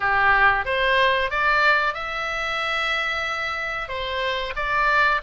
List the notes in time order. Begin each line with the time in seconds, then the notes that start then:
0.00 G4
0.65 C5
1.30 D5
1.94 E5
3.88 C5
4.56 D5